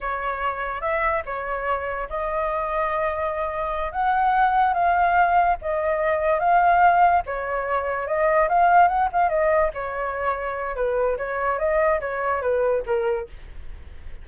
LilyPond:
\new Staff \with { instrumentName = "flute" } { \time 4/4 \tempo 4 = 145 cis''2 e''4 cis''4~ | cis''4 dis''2.~ | dis''4. fis''2 f''8~ | f''4. dis''2 f''8~ |
f''4. cis''2 dis''8~ | dis''8 f''4 fis''8 f''8 dis''4 cis''8~ | cis''2 b'4 cis''4 | dis''4 cis''4 b'4 ais'4 | }